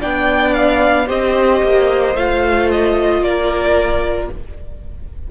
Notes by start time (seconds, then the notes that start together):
0.00 B3 D4 D5 G5
0.54 F5
1.07 C4 G4 C5 D#5
1.63 A#3
2.16 A3 F4 F5
2.71 D#5
3.21 A#3 A#4 D5